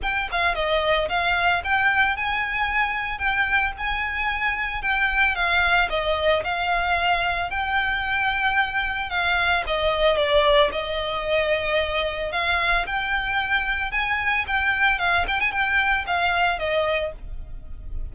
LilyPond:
\new Staff \with { instrumentName = "violin" } { \time 4/4 \tempo 4 = 112 g''8 f''8 dis''4 f''4 g''4 | gis''2 g''4 gis''4~ | gis''4 g''4 f''4 dis''4 | f''2 g''2~ |
g''4 f''4 dis''4 d''4 | dis''2. f''4 | g''2 gis''4 g''4 | f''8 g''16 gis''16 g''4 f''4 dis''4 | }